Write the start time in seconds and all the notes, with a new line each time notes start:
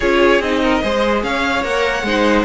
0.00 C#4 F4 G#4 C#5
0.40 C4 D#4 D#5
0.62 A#4
0.81 G#3 G#4 C5
1.23 C#4 C#5 F5
1.63 A#3 A#4 F#5
2.02 G#3 D#4 C5